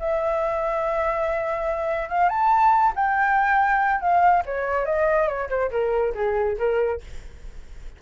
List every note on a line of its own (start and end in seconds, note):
0.00 2.09 E5
2.09 2.29 F5
2.29 2.93 A5
2.96 4.01 G5
4.01 4.44 F5
4.46 4.86 C#5
4.86 5.28 D#5
5.28 5.50 C#5
5.50 5.71 C5
5.71 6.14 A#4
6.15 6.58 G#4
6.59 7.01 A#4